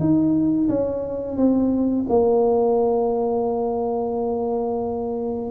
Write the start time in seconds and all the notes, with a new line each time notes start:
0.00 D#4
0.70 C#4
1.37 C4
2.09 A#3